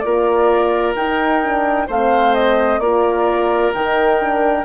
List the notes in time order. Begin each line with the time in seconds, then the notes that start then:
0.00 A#3 F4 A#4 D5
0.95 D#4 G5
1.43 D4
1.87 A3 C4 C5 F5
2.35 D#5
2.79 A#3 F4 A#4 D5
3.74 D#3 D#4 G5
4.20 D4